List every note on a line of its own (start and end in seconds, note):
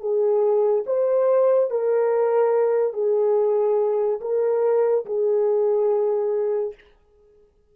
0.00 0.85 G#4
0.87 1.71 C5
1.71 2.93 A#4
2.93 4.20 G#4
4.21 5.06 A#4
5.06 6.75 G#4